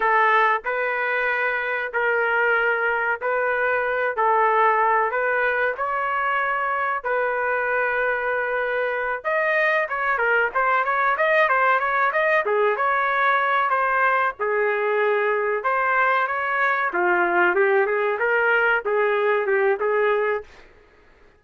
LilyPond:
\new Staff \with { instrumentName = "trumpet" } { \time 4/4 \tempo 4 = 94 a'4 b'2 ais'4~ | ais'4 b'4. a'4. | b'4 cis''2 b'4~ | b'2~ b'8 dis''4 cis''8 |
ais'8 c''8 cis''8 dis''8 c''8 cis''8 dis''8 gis'8 | cis''4. c''4 gis'4.~ | gis'8 c''4 cis''4 f'4 g'8 | gis'8 ais'4 gis'4 g'8 gis'4 | }